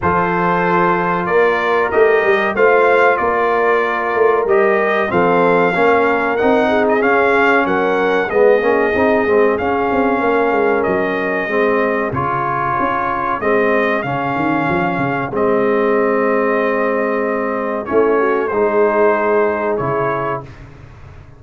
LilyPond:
<<
  \new Staff \with { instrumentName = "trumpet" } { \time 4/4 \tempo 4 = 94 c''2 d''4 dis''4 | f''4 d''2 dis''4 | f''2 fis''8. dis''16 f''4 | fis''4 dis''2 f''4~ |
f''4 dis''2 cis''4~ | cis''4 dis''4 f''2 | dis''1 | cis''4 c''2 cis''4 | }
  \new Staff \with { instrumentName = "horn" } { \time 4/4 a'2 ais'2 | c''4 ais'2. | a'4 ais'4. gis'4. | ais'4 gis'2. |
ais'2 gis'2~ | gis'1~ | gis'1 | e'8 fis'8 gis'2. | }
  \new Staff \with { instrumentName = "trombone" } { \time 4/4 f'2. g'4 | f'2. g'4 | c'4 cis'4 dis'4 cis'4~ | cis'4 b8 cis'8 dis'8 c'8 cis'4~ |
cis'2 c'4 f'4~ | f'4 c'4 cis'2 | c'1 | cis'4 dis'2 e'4 | }
  \new Staff \with { instrumentName = "tuba" } { \time 4/4 f2 ais4 a8 g8 | a4 ais4. a8 g4 | f4 ais4 c'4 cis'4 | fis4 gis8 ais8 c'8 gis8 cis'8 c'8 |
ais8 gis8 fis4 gis4 cis4 | cis'4 gis4 cis8 dis8 f8 cis8 | gis1 | a4 gis2 cis4 | }
>>